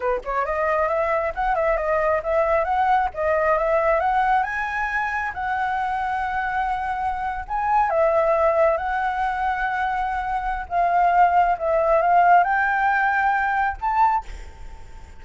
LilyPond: \new Staff \with { instrumentName = "flute" } { \time 4/4 \tempo 4 = 135 b'8 cis''8 dis''4 e''4 fis''8 e''8 | dis''4 e''4 fis''4 dis''4 | e''4 fis''4 gis''2 | fis''1~ |
fis''8. gis''4 e''2 fis''16~ | fis''1 | f''2 e''4 f''4 | g''2. a''4 | }